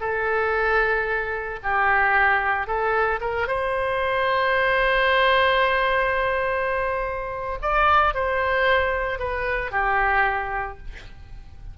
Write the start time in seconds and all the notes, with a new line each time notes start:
0.00 A4
1.63 G4
2.67 A4
3.21 A#4
3.47 C5
7.61 D5
8.14 C5
9.19 B4
9.71 G4